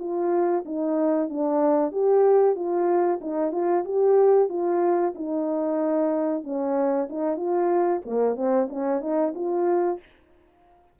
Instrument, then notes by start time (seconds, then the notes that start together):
horn
0.00 F4
0.66 D#4
1.30 D4
1.92 G4
2.56 F4
3.21 D#4
3.52 F4
3.85 G4
4.50 F4
5.15 D#4
6.44 C#4
7.10 D#4
7.37 F4
8.06 A#3
8.36 C4
8.70 C#4
9.01 D#4
9.35 F4